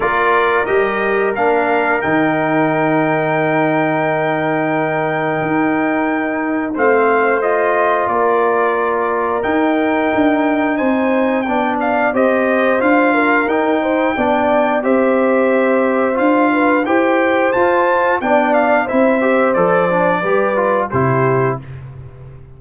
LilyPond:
<<
  \new Staff \with { instrumentName = "trumpet" } { \time 4/4 \tempo 4 = 89 d''4 dis''4 f''4 g''4~ | g''1~ | g''2 f''4 dis''4 | d''2 g''2 |
gis''4 g''8 f''8 dis''4 f''4 | g''2 e''2 | f''4 g''4 a''4 g''8 f''8 | e''4 d''2 c''4 | }
  \new Staff \with { instrumentName = "horn" } { \time 4/4 ais'1~ | ais'1~ | ais'2 c''2 | ais'1 |
c''4 d''4 c''4. ais'8~ | ais'8 c''8 d''4 c''2~ | c''8 b'8 c''2 d''4 | c''2 b'4 g'4 | }
  \new Staff \with { instrumentName = "trombone" } { \time 4/4 f'4 g'4 d'4 dis'4~ | dis'1~ | dis'2 c'4 f'4~ | f'2 dis'2~ |
dis'4 d'4 g'4 f'4 | dis'4 d'4 g'2 | f'4 g'4 f'4 d'4 | e'8 g'8 a'8 d'8 g'8 f'8 e'4 | }
  \new Staff \with { instrumentName = "tuba" } { \time 4/4 ais4 g4 ais4 dis4~ | dis1 | dis'2 a2 | ais2 dis'4 d'4 |
c'4 b4 c'4 d'4 | dis'4 b4 c'2 | d'4 e'4 f'4 b4 | c'4 f4 g4 c4 | }
>>